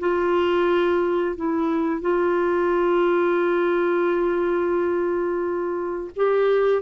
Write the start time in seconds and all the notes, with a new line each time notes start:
0.00 F4
1.36 E4
2.02 F4
6.16 G4